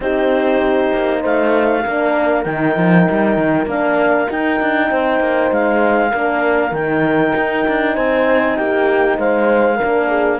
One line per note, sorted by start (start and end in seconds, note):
0.00 0.91 C4
0.00 1.84 D#4
0.00 1.20 G4
0.00 1.23 C5
0.93 1.24 A#3
1.20 1.85 A3
1.20 1.81 C5
1.20 2.43 F5
1.84 2.45 A#3
1.84 2.45 D4
1.84 4.89 A#4
2.43 2.76 D#3
2.43 3.66 D#4
2.43 3.66 G5
2.76 3.07 F3
3.10 3.36 G3
3.36 3.66 D#3
3.66 4.27 A#3
3.66 4.27 D4
3.66 4.30 F5
4.27 6.11 D#4
4.27 4.60 D#4
4.27 5.52 G5
4.60 4.91 D4
4.89 5.20 C4
4.89 6.11 C5
5.20 5.50 A#3
5.51 6.12 G#3
5.51 6.74 F5
6.11 6.71 A#3
6.11 6.72 D4
6.11 7.94 A#4
6.71 7.32 D#3
6.71 9.79 D#4
6.71 7.95 G5
7.36 7.66 D#4
7.67 7.96 D4
7.94 8.58 C4
7.94 8.55 C5
7.94 8.56 G#5
8.56 9.17 A#3
8.56 9.18 G4
8.56 9.17 G5
9.17 9.79 G#3
9.17 9.76 C5
9.17 10.40 F5
9.76 10.40 D4
9.76 10.07 A#4
9.83 10.40 A#3
10.07 10.38 G#4